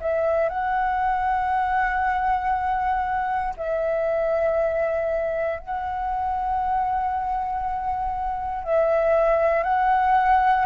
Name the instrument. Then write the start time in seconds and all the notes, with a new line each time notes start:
flute
0.00 E5
0.49 F#5
3.57 E5
5.59 F#5
8.64 E5
9.63 F#5